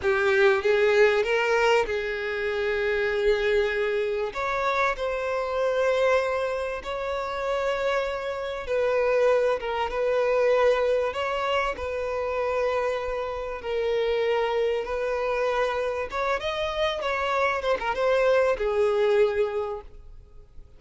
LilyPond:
\new Staff \with { instrumentName = "violin" } { \time 4/4 \tempo 4 = 97 g'4 gis'4 ais'4 gis'4~ | gis'2. cis''4 | c''2. cis''4~ | cis''2 b'4. ais'8 |
b'2 cis''4 b'4~ | b'2 ais'2 | b'2 cis''8 dis''4 cis''8~ | cis''8 c''16 ais'16 c''4 gis'2 | }